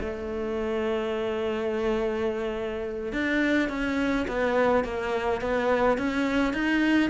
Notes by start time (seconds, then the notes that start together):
0.00 A3
3.12 D4
3.69 C#4
4.28 B3
4.84 A#3
5.41 B3
5.98 C#4
6.53 D#4